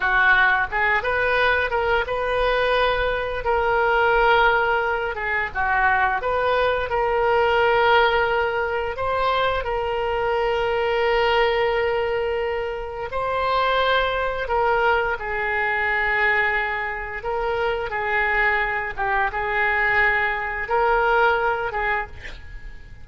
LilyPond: \new Staff \with { instrumentName = "oboe" } { \time 4/4 \tempo 4 = 87 fis'4 gis'8 b'4 ais'8 b'4~ | b'4 ais'2~ ais'8 gis'8 | fis'4 b'4 ais'2~ | ais'4 c''4 ais'2~ |
ais'2. c''4~ | c''4 ais'4 gis'2~ | gis'4 ais'4 gis'4. g'8 | gis'2 ais'4. gis'8 | }